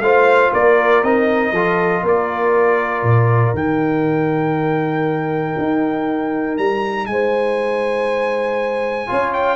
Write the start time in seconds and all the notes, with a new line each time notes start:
0.00 A3 F4 C5 F5
0.52 A#3 A#4 D5
1.03 C4 D#4 D#5
1.52 F3 F4 A4
2.02 A#3 A#4 D5
3.02 A#2
3.53 D#3 D#4 G5
5.58 D#4
6.57 G3 A#5
7.06 G#3 C5 G#5
9.06 C#4 F4 C#5
9.33 G5